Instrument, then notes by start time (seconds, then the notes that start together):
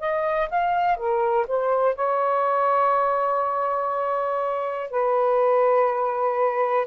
saxophone
0.00 D#5
0.50 F5
0.97 A#4
1.48 C5
1.95 C#5
4.90 B4